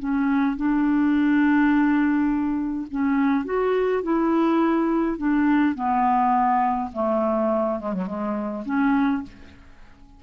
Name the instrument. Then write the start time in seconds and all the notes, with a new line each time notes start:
clarinet
0.00 C#4
0.57 D4
2.91 C#4
3.45 F#4
4.03 E4
5.18 D4
5.75 B3
6.94 A3
7.80 G#3
7.93 F#3
8.07 G#3
8.66 C#4